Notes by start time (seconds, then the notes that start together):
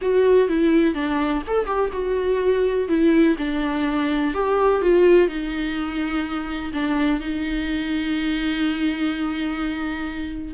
0.01 F#4
0.48 E4
0.94 D4
1.47 A4
1.66 G4
1.92 F#4
2.88 E4
3.38 D4
4.34 G4
4.81 F4
5.28 D#4
6.73 D4
7.20 D#4